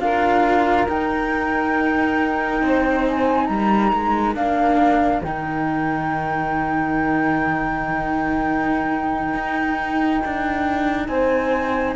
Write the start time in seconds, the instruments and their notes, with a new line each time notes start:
0.00 cello D4 F4, saxophone A#4, flute F5
0.88 cello D#4, flute G5
2.62 cello C4, saxophone C5
3.09 flute G#5
3.46 cello G3, saxophone A#4, flute A#5
3.93 cello G#3
4.35 cello A#3 D4, flute F5
5.23 cello D#3 D#4, flute G5
9.34 cello D#4
10.25 cello D4
11.07 cello C4, saxophone C5, flute G#5